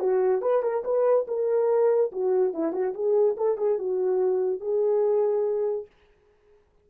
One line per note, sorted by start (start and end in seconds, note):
0.00 0.42 F#4
0.42 0.63 B4
0.63 0.84 A#4
0.85 1.27 B4
1.28 2.12 A#4
2.12 2.54 F#4
2.54 2.73 E4
2.73 2.94 F#4
2.95 3.37 G#4
3.37 3.58 A4
3.58 3.79 G#4
3.79 4.61 F#4
4.61 5.87 G#4